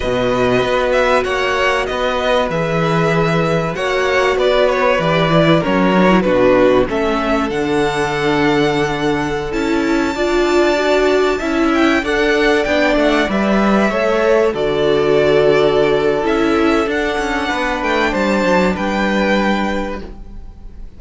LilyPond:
<<
  \new Staff \with { instrumentName = "violin" } { \time 4/4 \tempo 4 = 96 dis''4. e''8 fis''4 dis''4 | e''2 fis''4 d''8 cis''8 | d''4 cis''4 b'4 e''4 | fis''2.~ fis''16 a''8.~ |
a''2~ a''8. g''8 fis''8.~ | fis''16 g''8 fis''8 e''2 d''8.~ | d''2 e''4 fis''4~ | fis''8 g''8 a''4 g''2 | }
  \new Staff \with { instrumentName = "violin" } { \time 4/4 b'2 cis''4 b'4~ | b'2 cis''4 b'4~ | b'4 ais'4 fis'4 a'4~ | a'1~ |
a'16 d''2 e''4 d''8.~ | d''2~ d''16 cis''4 a'8.~ | a'1 | b'4 c''4 b'2 | }
  \new Staff \with { instrumentName = "viola" } { \time 4/4 fis'1 | gis'2 fis'2 | g'8 e'8 cis'8 d'16 e'16 d'4 cis'4 | d'2.~ d'16 e'8.~ |
e'16 f'4 fis'4 e'4 a'8.~ | a'16 d'4 b'4 a'4 fis'8.~ | fis'2 e'4 d'4~ | d'1 | }
  \new Staff \with { instrumentName = "cello" } { \time 4/4 b,4 b4 ais4 b4 | e2 ais4 b4 | e4 fis4 b,4 a4 | d2.~ d16 cis'8.~ |
cis'16 d'2 cis'4 d'8.~ | d'16 b8 a8 g4 a4 d8.~ | d2 cis'4 d'8 cis'8 | b8 a8 g8 fis8 g2 | }
>>